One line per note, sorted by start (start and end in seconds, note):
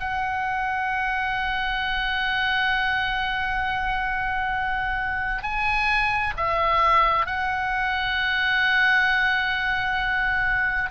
0.00 5.43 F#5
5.43 6.33 G#5
6.37 7.26 E5
7.26 10.90 F#5